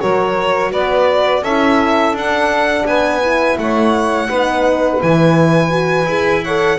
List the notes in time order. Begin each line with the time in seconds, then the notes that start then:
0.00 F#3 F#4 A#4 C#5
0.71 B3 B4 D5
1.41 C#4 E4 A4 E5
2.12 D4 F#5
2.85 B3 B4 G#5
3.21 E4
3.57 A3 C#5 F#5
4.27 B3 D#4 B4
5.00 E3 E4 G#5
5.70 F#4
6.05 E4 G#4
6.42 A4 C#5 F#5